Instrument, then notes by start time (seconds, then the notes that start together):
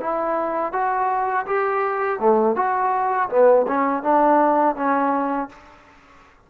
trombone
0.00 E4
0.73 F#4
1.46 G4
2.20 A3
2.56 F#4
3.29 B3
3.67 C#4
4.03 D4
4.76 C#4